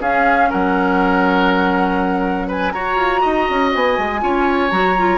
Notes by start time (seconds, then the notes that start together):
0.00 C#4 G#4 F5
0.49 F#3 A#4 F#5
2.47 B4 G#5
2.71 F#4 C#5 A#5
2.95 F4
3.21 D#4 D#5
3.49 C#4
3.74 B3 G#5
3.98 G#3
4.21 C#4 F4 C#5
4.70 F#3 F#4 A#5
4.97 F4